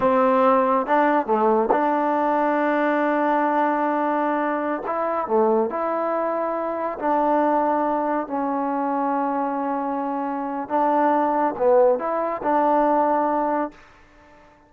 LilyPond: \new Staff \with { instrumentName = "trombone" } { \time 4/4 \tempo 4 = 140 c'2 d'4 a4 | d'1~ | d'2.~ d'16 e'8.~ | e'16 a4 e'2~ e'8.~ |
e'16 d'2. cis'8.~ | cis'1~ | cis'4 d'2 b4 | e'4 d'2. | }